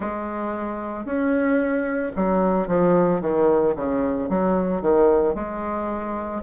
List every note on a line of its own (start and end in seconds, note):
0.00 1.05 G#3
1.05 2.12 C#4
2.16 2.67 F#3
2.67 3.21 F3
3.21 3.75 D#3
3.75 4.29 C#3
4.29 4.81 F#3
4.81 5.34 D#3
5.34 6.41 G#3